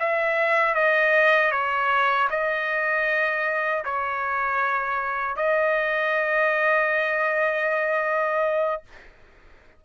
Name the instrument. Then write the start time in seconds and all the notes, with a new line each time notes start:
trumpet
0.00 E5
0.75 D#5
1.51 C#5
2.30 D#5
3.85 C#5
5.36 D#5